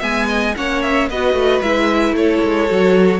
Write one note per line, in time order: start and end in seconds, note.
0.00 0.56 G#3
0.00 0.54 B3
0.00 0.27 E5
0.00 0.56 G#5
0.29 0.55 D#5
0.57 1.10 A#3
0.57 1.10 C#4
0.57 1.10 C#5
0.57 0.83 F#5
0.83 1.09 E5
1.10 1.34 B3
1.10 1.64 F#4
1.10 2.16 B4
1.10 1.62 D#5
1.34 1.61 A3
1.62 2.13 G#3
1.62 2.68 E4
1.62 2.16 E5
2.13 2.39 A3
2.13 3.20 A4
2.13 3.20 C#5
2.44 2.71 G#3
2.68 3.20 F#3
2.68 3.20 F#4